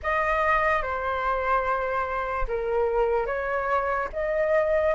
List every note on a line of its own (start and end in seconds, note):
0.02 0.82 D#5
0.82 2.47 C5
2.48 3.26 A#4
3.26 4.08 C#5
4.12 4.95 D#5